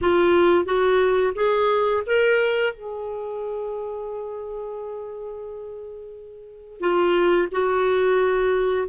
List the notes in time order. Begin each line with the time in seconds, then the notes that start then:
0.01 F4
0.65 F#4
1.35 G#4
2.06 A#4
2.73 G#4
6.80 F4
7.51 F#4